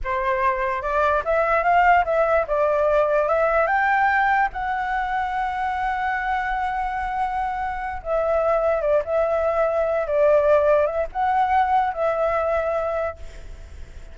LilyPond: \new Staff \with { instrumentName = "flute" } { \time 4/4 \tempo 4 = 146 c''2 d''4 e''4 | f''4 e''4 d''2 | e''4 g''2 fis''4~ | fis''1~ |
fis''2.~ fis''8 e''8~ | e''4. d''8 e''2~ | e''8 d''2 e''8 fis''4~ | fis''4 e''2. | }